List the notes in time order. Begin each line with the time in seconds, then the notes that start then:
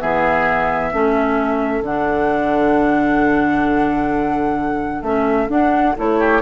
0.00 E3 B3 G#4 E5
0.92 A3 C#4 A4
1.82 D3 D4 F#5
5.02 A3 C#4 E5
5.48 D4 F#5
5.97 A3 E4 C#5
6.19 G4